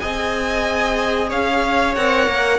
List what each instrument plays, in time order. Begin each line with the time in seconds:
0.00 cello C4, viola G#4, violin D#5 G#5
1.29 cello C#4, violin C#5 F5
1.95 cello C4, viola A#4, violin F#5
2.27 cello A#3